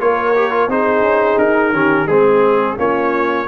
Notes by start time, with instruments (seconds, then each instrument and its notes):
0.00 tuba A#3, trombone F4, horn A#4, trumpet C#5
0.36 trombone G4
0.51 trombone F4
0.68 tuba C4, trombone D#4, horn G#4, trumpet C5
1.02 tuba C#4
1.39 tuba D#4, trumpet A#4
1.73 tuba D#3, trombone C#4, horn G4
2.08 tuba G#3, trombone C4, trumpet G#4, horn G#4
2.77 tuba A#3, trombone C#4, horn F4, trumpet C#5